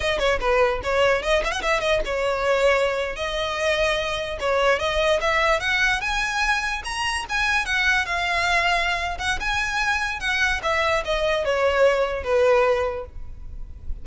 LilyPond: \new Staff \with { instrumentName = "violin" } { \time 4/4 \tempo 4 = 147 dis''8 cis''8 b'4 cis''4 dis''8 e''16 fis''16 | e''8 dis''8 cis''2~ cis''8. dis''16~ | dis''2~ dis''8. cis''4 dis''16~ | dis''8. e''4 fis''4 gis''4~ gis''16~ |
gis''8. ais''4 gis''4 fis''4 f''16~ | f''2~ f''8 fis''8 gis''4~ | gis''4 fis''4 e''4 dis''4 | cis''2 b'2 | }